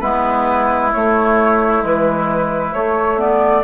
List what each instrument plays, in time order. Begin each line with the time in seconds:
0.00 bassoon G#3, clarinet B3, oboe E4, flute B4
0.92 clarinet A3, bassoon A3, flute C#5
1.79 bassoon E3, clarinet G#3, flute B4
2.73 bassoon A3, clarinet A3, flute C#5
3.17 clarinet B3, flute D5